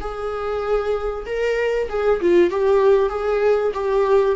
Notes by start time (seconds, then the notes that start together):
0.00 G#4
1.26 A#4
1.89 G#4
2.21 F4
2.50 G4
3.09 G#4
3.74 G4